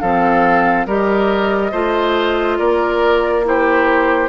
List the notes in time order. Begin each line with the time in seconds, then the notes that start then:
0.00 F3 C4 A4 F5
0.87 G3 G4 A#4 D#5
1.72 A3 F4 C5
2.59 A#3 A#4 D5
3.44 E4 G4 C5